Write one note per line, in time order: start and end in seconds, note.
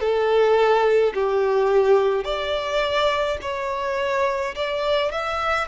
0.00 1.13 A4
1.14 2.24 G4
2.24 3.38 D5
3.41 4.54 C#5
4.55 5.11 D5
5.11 5.68 E5